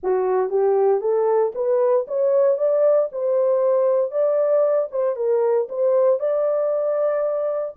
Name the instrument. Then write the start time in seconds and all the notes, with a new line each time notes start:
horn
0.03 F#4
0.49 G4
1.00 A4
1.54 B4
2.07 C#5
2.57 D5
3.12 C5
4.11 D5
4.91 C5
5.16 A#4
5.68 C5
6.19 D5